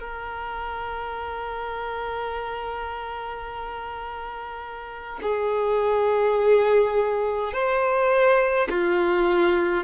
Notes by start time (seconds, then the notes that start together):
0.00 A#4
5.22 G#4
7.53 C5
8.70 F4